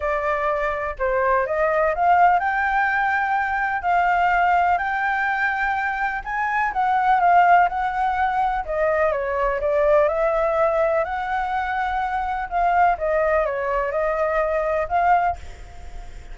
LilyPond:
\new Staff \with { instrumentName = "flute" } { \time 4/4 \tempo 4 = 125 d''2 c''4 dis''4 | f''4 g''2. | f''2 g''2~ | g''4 gis''4 fis''4 f''4 |
fis''2 dis''4 cis''4 | d''4 e''2 fis''4~ | fis''2 f''4 dis''4 | cis''4 dis''2 f''4 | }